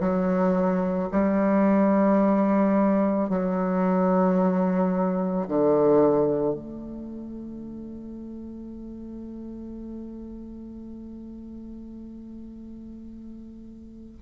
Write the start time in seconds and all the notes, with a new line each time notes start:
0.00 F#3
1.12 G3
3.29 F#3
5.48 D3
6.54 A3